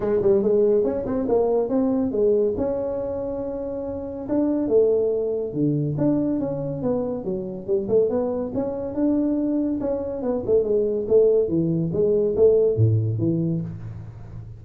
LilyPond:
\new Staff \with { instrumentName = "tuba" } { \time 4/4 \tempo 4 = 141 gis8 g8 gis4 cis'8 c'8 ais4 | c'4 gis4 cis'2~ | cis'2 d'4 a4~ | a4 d4 d'4 cis'4 |
b4 fis4 g8 a8 b4 | cis'4 d'2 cis'4 | b8 a8 gis4 a4 e4 | gis4 a4 a,4 e4 | }